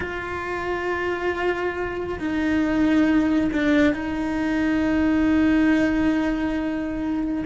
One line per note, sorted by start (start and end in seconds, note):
0.00 2.18 F4
2.19 3.50 D#4
3.53 3.93 D4
3.93 7.44 D#4